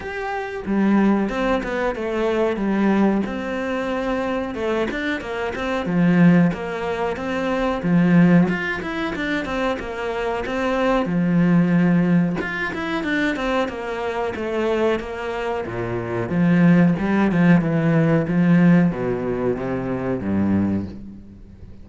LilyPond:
\new Staff \with { instrumentName = "cello" } { \time 4/4 \tempo 4 = 92 g'4 g4 c'8 b8 a4 | g4 c'2 a8 d'8 | ais8 c'8 f4 ais4 c'4 | f4 f'8 e'8 d'8 c'8 ais4 |
c'4 f2 f'8 e'8 | d'8 c'8 ais4 a4 ais4 | ais,4 f4 g8 f8 e4 | f4 b,4 c4 g,4 | }